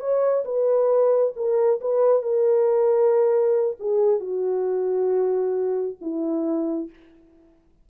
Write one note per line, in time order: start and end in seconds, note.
0.00 0.44 C#5
0.45 1.33 B4
1.36 1.80 A#4
1.81 2.22 B4
2.22 3.77 A#4
3.80 4.20 G#4
4.20 5.96 F#4
6.01 6.89 E4